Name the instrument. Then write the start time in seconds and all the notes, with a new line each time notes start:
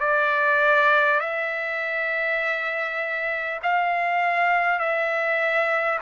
trumpet
0.00 D5
1.21 E5
3.63 F5
4.79 E5